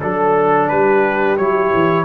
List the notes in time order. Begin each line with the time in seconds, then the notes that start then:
0.00 F#3 D4 A4
0.68 G3 G4 B4
1.37 F#3 E4 C#5
1.73 E3